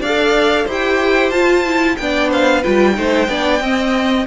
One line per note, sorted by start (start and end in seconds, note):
0.00 0.65 D4
0.00 0.69 A4
0.00 0.65 D5
0.00 0.67 F5
0.65 1.32 E4
0.65 1.33 G4
0.65 1.96 C5
0.72 1.31 G5
1.31 1.97 F4
1.31 1.66 F4
1.31 1.96 A5
1.66 1.98 E4
1.97 2.65 B3
1.97 2.64 D4
1.97 2.29 D5
1.97 2.30 G5
2.29 2.61 C5
2.29 2.64 F5
2.61 2.95 F4
2.61 2.93 B4
2.61 4.27 G5
2.67 2.98 G3
2.95 3.28 A3
2.95 3.27 D#4
2.95 3.29 C5
3.28 3.60 B3
3.28 3.61 D4
3.28 3.62 D5
3.60 4.26 C4
3.60 4.27 C4
3.60 4.27 D#5